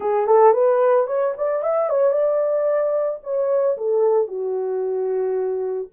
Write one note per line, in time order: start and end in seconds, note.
0.00 0.26 G#4
0.26 0.53 A4
0.53 1.06 B4
1.06 1.33 C#5
1.37 1.62 D5
1.62 1.89 E5
1.89 2.12 C#5
2.12 3.19 D5
3.23 3.76 C#5
3.77 4.27 A4
4.27 5.88 F#4